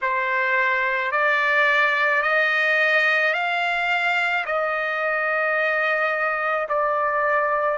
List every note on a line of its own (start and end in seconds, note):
0.01 1.11 C5
1.11 2.22 D5
2.22 3.33 D#5
3.33 4.44 F5
4.45 6.67 D#5
6.68 7.78 D5